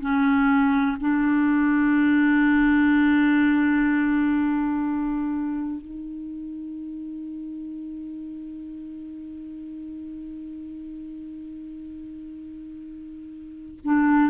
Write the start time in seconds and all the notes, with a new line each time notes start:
0.00 C#4
1.00 D4
5.81 D#4
13.84 D4